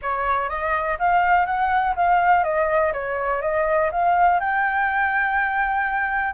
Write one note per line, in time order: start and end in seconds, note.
0.02 0.49 C#5
0.49 0.98 D#5
0.98 1.45 F5
1.45 1.94 F#5
1.95 2.43 F5
2.43 2.92 D#5
2.92 3.41 C#5
3.41 3.90 D#5
3.91 4.40 F5
4.40 6.33 G5